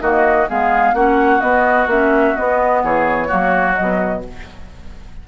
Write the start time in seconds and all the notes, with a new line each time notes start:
0.00 D#3 A#3 F#4 D#5
0.49 G#3 B3 G#4 F5
0.93 A#3 C#4 F#4 F#5
1.40 B3 D#5
1.87 A#3 C#4 E5
2.36 B3 D#5
2.83 E3 G#4 C#5
3.27 F#3 A#3 F#4
3.75 B2 F#3 D#5